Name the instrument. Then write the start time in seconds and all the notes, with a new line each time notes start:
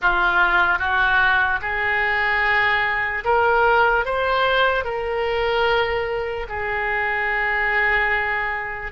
oboe
0.01 F4
0.78 F#4
1.61 G#4
3.24 A#4
4.05 C5
4.84 A#4
6.49 G#4